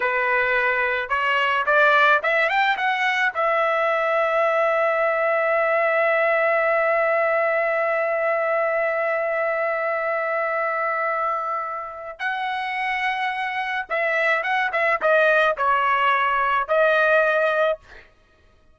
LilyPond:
\new Staff \with { instrumentName = "trumpet" } { \time 4/4 \tempo 4 = 108 b'2 cis''4 d''4 | e''8 g''8 fis''4 e''2~ | e''1~ | e''1~ |
e''1~ | e''2 fis''2~ | fis''4 e''4 fis''8 e''8 dis''4 | cis''2 dis''2 | }